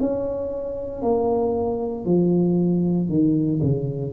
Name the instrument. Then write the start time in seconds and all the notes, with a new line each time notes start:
tuba
0.00 C#4
1.02 A#3
2.05 F3
3.09 D#3
3.63 C#3